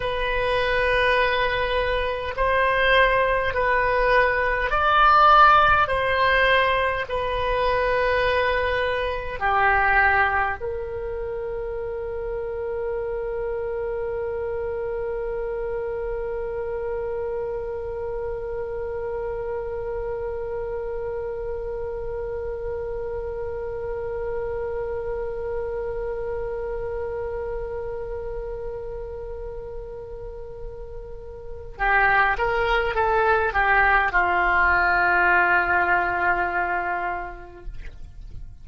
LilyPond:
\new Staff \with { instrumentName = "oboe" } { \time 4/4 \tempo 4 = 51 b'2 c''4 b'4 | d''4 c''4 b'2 | g'4 ais'2.~ | ais'1~ |
ais'1~ | ais'1~ | ais'2. g'8 ais'8 | a'8 g'8 f'2. | }